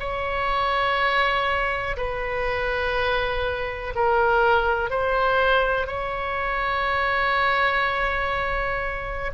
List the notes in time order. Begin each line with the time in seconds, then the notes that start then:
0.00 C#5
1.97 B4
3.96 A#4
4.90 C5
5.87 C#5